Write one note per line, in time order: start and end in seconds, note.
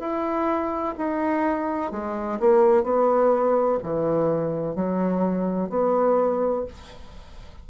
0.00 0.95 E4
0.98 1.92 D#4
1.92 2.39 G#3
2.40 2.84 A#3
2.84 3.79 B3
3.84 4.76 E3
4.76 5.70 F#3
5.70 6.65 B3